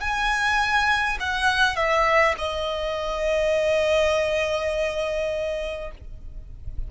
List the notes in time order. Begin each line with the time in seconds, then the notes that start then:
0.00 G#5
1.20 F#5
1.75 E5
2.38 D#5